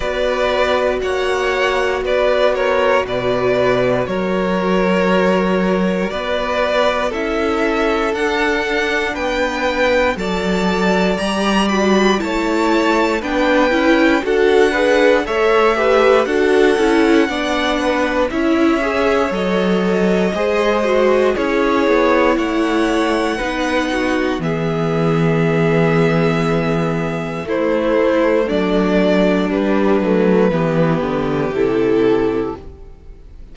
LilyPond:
<<
  \new Staff \with { instrumentName = "violin" } { \time 4/4 \tempo 4 = 59 d''4 fis''4 d''8 cis''8 d''4 | cis''2 d''4 e''4 | fis''4 g''4 a''4 ais''8 b''8 | a''4 g''4 fis''4 e''4 |
fis''2 e''4 dis''4~ | dis''4 cis''4 fis''2 | e''2. c''4 | d''4 b'2 a'4 | }
  \new Staff \with { instrumentName = "violin" } { \time 4/4 b'4 cis''4 b'8 ais'8 b'4 | ais'2 b'4 a'4~ | a'4 b'4 d''2 | cis''4 b'4 a'8 b'8 cis''8 b'8 |
a'4 d''8 b'8 cis''2 | c''4 gis'4 cis''4 b'8 fis'8 | gis'2. e'4 | d'2 g'2 | }
  \new Staff \with { instrumentName = "viola" } { \time 4/4 fis'1~ | fis'2. e'4 | d'2 a'4 g'8 fis'8 | e'4 d'8 e'8 fis'8 gis'8 a'8 g'8 |
fis'8 e'8 d'4 e'8 gis'8 a'4 | gis'8 fis'8 e'2 dis'4 | b2. a4~ | a4 g8 a8 b4 e'4 | }
  \new Staff \with { instrumentName = "cello" } { \time 4/4 b4 ais4 b4 b,4 | fis2 b4 cis'4 | d'4 b4 fis4 g4 | a4 b8 cis'8 d'4 a4 |
d'8 cis'8 b4 cis'4 fis4 | gis4 cis'8 b8 a4 b4 | e2. a4 | fis4 g8 fis8 e8 d8 c4 | }
>>